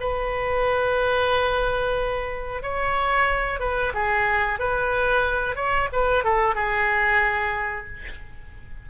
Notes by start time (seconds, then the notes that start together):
0.00 B4
2.62 C#5
3.60 B4
3.94 G#4
4.59 B4
5.56 C#5
5.92 B4
6.24 A4
6.55 G#4